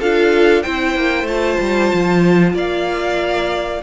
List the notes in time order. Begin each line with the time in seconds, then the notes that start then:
0.00 D4 F4 A4 F5
0.63 C4 E4 C5 G5
0.96 A#3
1.24 A3 F4 A5
1.61 G3
1.94 F3
2.54 A#3 D5 F5